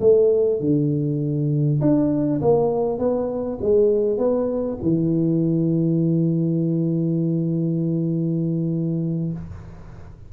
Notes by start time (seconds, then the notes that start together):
0.00 A3
0.60 D3
1.81 D4
2.41 A#3
2.99 B3
3.61 G#3
4.18 B3
4.82 E3